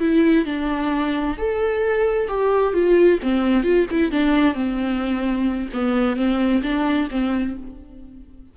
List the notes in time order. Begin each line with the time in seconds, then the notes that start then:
0.00 E4
0.45 D4
1.38 A4
2.28 G4
2.74 F4
3.22 C4
3.63 F4
3.91 E4
4.12 D4
4.54 C4
5.73 B3
6.16 C4
6.63 D4
7.11 C4